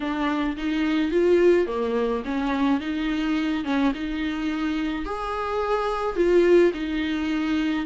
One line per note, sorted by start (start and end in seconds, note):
0.00 0.56 D4
0.57 1.11 D#4
1.11 1.67 F4
1.67 2.23 A#3
2.24 2.80 C#4
2.80 3.64 D#4
3.64 3.92 C#4
3.94 5.05 D#4
5.05 6.16 G#4
6.16 6.72 F4
6.73 7.86 D#4